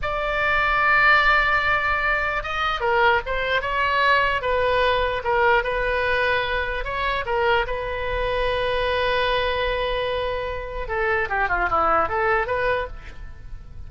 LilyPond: \new Staff \with { instrumentName = "oboe" } { \time 4/4 \tempo 4 = 149 d''1~ | d''2 dis''4 ais'4 | c''4 cis''2 b'4~ | b'4 ais'4 b'2~ |
b'4 cis''4 ais'4 b'4~ | b'1~ | b'2. a'4 | g'8 f'8 e'4 a'4 b'4 | }